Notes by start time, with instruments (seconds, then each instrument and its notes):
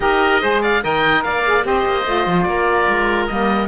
0.00 cello D#4, saxophone G4, oboe A#4 D#5
0.40 cello G#3, saxophone G#4, oboe C5
0.61 oboe D5 F5
0.82 cello D#3, saxophone A#4, oboe D#5 G5
1.23 cello A#3, oboe D5 F5
1.46 saxophone G#4
1.61 cello C4, saxophone G4, oboe C5 D#5
1.85 cello A#3
2.05 cello A3, saxophone F4
2.26 cello F3
2.43 cello A#3, oboe A#4 D5
2.88 cello G#3
3.26 cello G3, saxophone A#3, oboe D#5